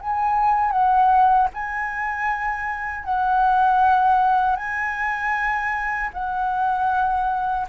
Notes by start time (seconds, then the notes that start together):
0.00 G#5
0.71 F#5
1.54 G#5
3.04 F#5
4.56 G#5
6.13 F#5